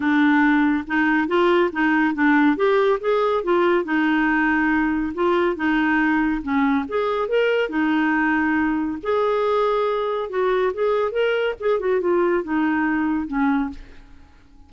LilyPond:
\new Staff \with { instrumentName = "clarinet" } { \time 4/4 \tempo 4 = 140 d'2 dis'4 f'4 | dis'4 d'4 g'4 gis'4 | f'4 dis'2. | f'4 dis'2 cis'4 |
gis'4 ais'4 dis'2~ | dis'4 gis'2. | fis'4 gis'4 ais'4 gis'8 fis'8 | f'4 dis'2 cis'4 | }